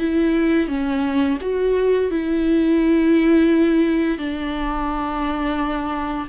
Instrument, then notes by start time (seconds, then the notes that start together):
viola
0.00 E4
0.68 C#4
1.42 F#4
2.11 E4
4.19 D4